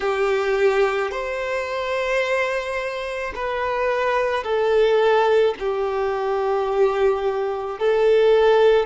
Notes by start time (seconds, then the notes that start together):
0.00 G4
1.11 C5
3.35 B4
4.43 A4
5.59 G4
7.79 A4